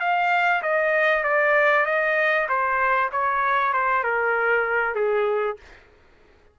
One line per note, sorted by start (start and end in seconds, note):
0.00 0.62 F5
0.62 1.24 D#5
1.24 1.86 D5
1.86 2.47 D#5
2.49 3.10 C5
3.12 3.73 C#5
3.73 4.04 C5
4.04 4.95 A#4
4.95 5.57 G#4